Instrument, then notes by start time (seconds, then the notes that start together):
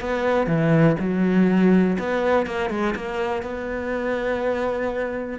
cello
0.00 B3
0.47 E3
0.99 F#3
1.98 B3
2.46 A#3
2.70 G#3
2.95 A#3
3.42 B3